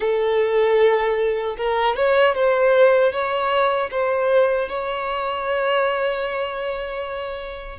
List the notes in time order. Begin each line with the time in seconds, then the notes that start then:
0.00 A4
1.57 A#4
1.96 C#5
2.34 C5
3.12 C#5
3.90 C5
4.69 C#5